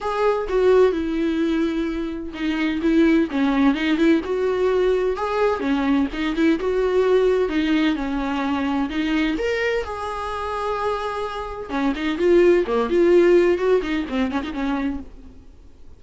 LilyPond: \new Staff \with { instrumentName = "viola" } { \time 4/4 \tempo 4 = 128 gis'4 fis'4 e'2~ | e'4 dis'4 e'4 cis'4 | dis'8 e'8 fis'2 gis'4 | cis'4 dis'8 e'8 fis'2 |
dis'4 cis'2 dis'4 | ais'4 gis'2.~ | gis'4 cis'8 dis'8 f'4 ais8 f'8~ | f'4 fis'8 dis'8 c'8 cis'16 dis'16 cis'4 | }